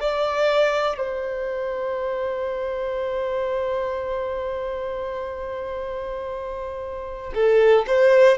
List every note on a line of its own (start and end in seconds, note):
0.00 0.98 D5
0.98 7.33 C5
7.35 7.85 A4
7.87 8.38 C5